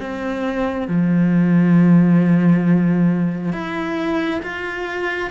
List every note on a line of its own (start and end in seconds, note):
0.00 0.88 C4
0.88 3.53 F3
3.53 4.41 E4
4.43 5.31 F4